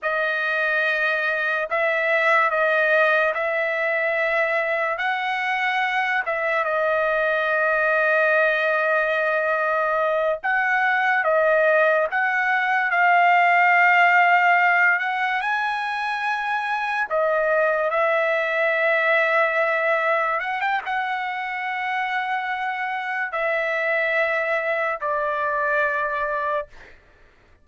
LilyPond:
\new Staff \with { instrumentName = "trumpet" } { \time 4/4 \tempo 4 = 72 dis''2 e''4 dis''4 | e''2 fis''4. e''8 | dis''1~ | dis''8 fis''4 dis''4 fis''4 f''8~ |
f''2 fis''8 gis''4.~ | gis''8 dis''4 e''2~ e''8~ | e''8 fis''16 g''16 fis''2. | e''2 d''2 | }